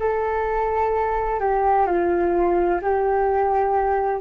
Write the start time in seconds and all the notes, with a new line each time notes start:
0.00 A4
1.40 G4
1.87 F4
2.82 G4